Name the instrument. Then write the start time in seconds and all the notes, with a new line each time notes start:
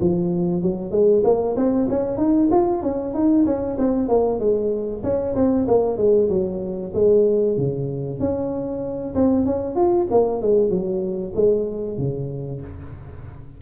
tuba
0.00 F3
0.62 F#3
0.91 G#3
1.24 A#3
1.56 C4
1.89 C#4
2.17 D#4
2.51 F4
2.82 C#4
3.13 D#4
3.45 C#4
3.78 C4
4.08 A#3
4.39 G#3
5.03 C#4
5.35 C4
5.67 A#3
5.97 G#3
6.29 F#3
6.94 G#3
7.57 C#3
8.19 C#4
9.15 C4
9.45 C#4
9.76 F4
10.11 A#3
10.41 G#3
10.70 F#3
11.35 G#3
11.98 C#3